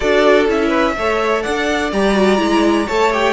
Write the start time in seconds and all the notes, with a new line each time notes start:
0.00 D4 F#4 A4 D5
0.47 C#4 E4 E5
0.68 B4
0.96 A3 A4 C#5
1.43 D4 D5 F#5
1.92 G3 G4 A#5
2.14 F#4
2.37 G#3 E4
2.86 A3 A4 C#5 A5
3.11 G4 G5